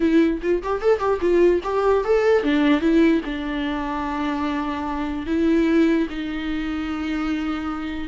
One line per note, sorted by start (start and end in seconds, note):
0.00 0.41 E4
0.42 0.62 F4
0.62 0.81 G4
0.81 0.99 A4
0.99 1.19 G4
1.21 1.61 F4
1.63 2.04 G4
2.04 2.43 A4
2.43 2.80 D4
2.80 3.21 E4
3.25 5.26 D4
5.26 6.07 E4
6.09 8.08 D#4